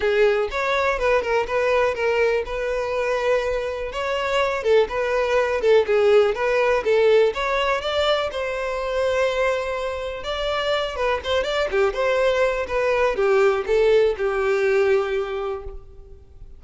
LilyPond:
\new Staff \with { instrumentName = "violin" } { \time 4/4 \tempo 4 = 123 gis'4 cis''4 b'8 ais'8 b'4 | ais'4 b'2. | cis''4. a'8 b'4. a'8 | gis'4 b'4 a'4 cis''4 |
d''4 c''2.~ | c''4 d''4. b'8 c''8 d''8 | g'8 c''4. b'4 g'4 | a'4 g'2. | }